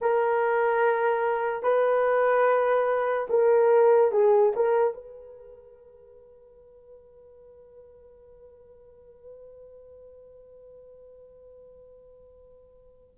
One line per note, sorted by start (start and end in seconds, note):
0.01 1.62 A#4
1.62 3.27 B4
3.29 4.11 A#4
4.11 4.52 G#4
4.55 4.93 A#4
4.93 13.15 B4